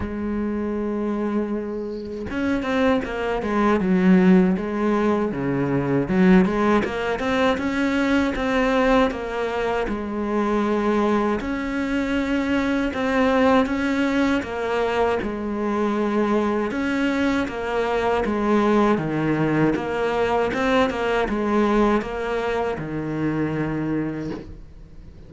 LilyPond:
\new Staff \with { instrumentName = "cello" } { \time 4/4 \tempo 4 = 79 gis2. cis'8 c'8 | ais8 gis8 fis4 gis4 cis4 | fis8 gis8 ais8 c'8 cis'4 c'4 | ais4 gis2 cis'4~ |
cis'4 c'4 cis'4 ais4 | gis2 cis'4 ais4 | gis4 dis4 ais4 c'8 ais8 | gis4 ais4 dis2 | }